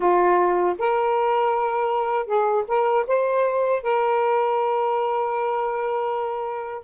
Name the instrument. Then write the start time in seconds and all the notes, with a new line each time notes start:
saxophone
0.00 F4
0.78 A#4
2.26 G#4
2.68 A#4
3.07 C5
3.83 A#4